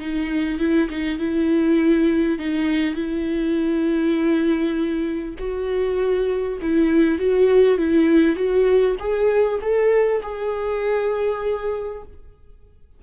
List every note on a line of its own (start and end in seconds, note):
0.00 0.59 D#4
0.59 0.89 E4
0.90 1.19 D#4
1.19 2.39 E4
2.39 2.95 D#4
2.95 5.35 E4
5.39 6.59 F#4
6.62 7.19 E4
7.19 7.78 F#4
7.78 8.36 E4
8.36 8.96 F#4
9.00 9.60 G#4
9.62 10.22 A4
10.23 12.03 G#4